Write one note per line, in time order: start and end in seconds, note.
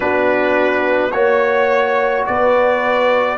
0.00 1.13 B3
0.00 1.11 D4
0.00 1.12 F#4
0.00 1.11 B4
1.11 2.26 A#3
1.11 3.37 F#4
1.11 2.24 C#5
1.11 2.27 C#5
2.25 3.37 B3
2.25 3.37 B4
2.25 3.37 D5